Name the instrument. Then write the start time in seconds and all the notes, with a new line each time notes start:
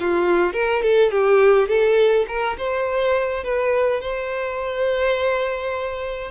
violin
0.00 F4
0.53 A#4
0.82 A4
1.11 G4
1.68 A4
2.28 A#4
2.58 C5
3.44 B4
4.01 C5